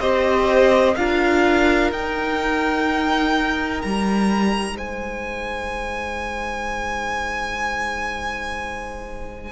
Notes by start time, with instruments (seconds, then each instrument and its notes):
0.00 cello C4, viola G4, violin C5 D#5
0.96 cello D4, viola F4, violin A#4 F5
1.92 cello D#4, viola D#4, violin G5
3.82 cello G3, violin A#5
4.76 cello G#3, violin C5 G#5